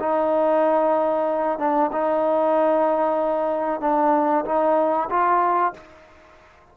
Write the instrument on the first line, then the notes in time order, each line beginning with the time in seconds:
trombone
0.00 D#4
1.59 D4
1.93 D#4
3.81 D4
4.45 D#4
5.10 F4